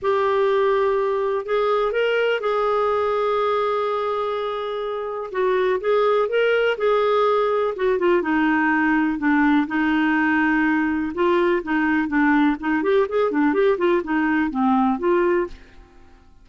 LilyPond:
\new Staff \with { instrumentName = "clarinet" } { \time 4/4 \tempo 4 = 124 g'2. gis'4 | ais'4 gis'2.~ | gis'2. fis'4 | gis'4 ais'4 gis'2 |
fis'8 f'8 dis'2 d'4 | dis'2. f'4 | dis'4 d'4 dis'8 g'8 gis'8 d'8 | g'8 f'8 dis'4 c'4 f'4 | }